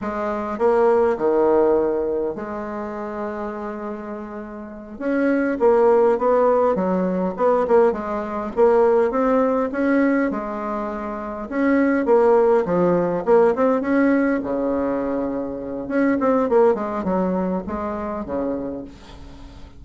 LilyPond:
\new Staff \with { instrumentName = "bassoon" } { \time 4/4 \tempo 4 = 102 gis4 ais4 dis2 | gis1~ | gis8 cis'4 ais4 b4 fis8~ | fis8 b8 ais8 gis4 ais4 c'8~ |
c'8 cis'4 gis2 cis'8~ | cis'8 ais4 f4 ais8 c'8 cis'8~ | cis'8 cis2~ cis8 cis'8 c'8 | ais8 gis8 fis4 gis4 cis4 | }